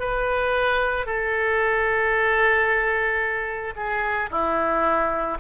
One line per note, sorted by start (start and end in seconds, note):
0.00 1.07 B4
1.07 3.75 A4
3.76 4.30 G#4
4.31 5.39 E4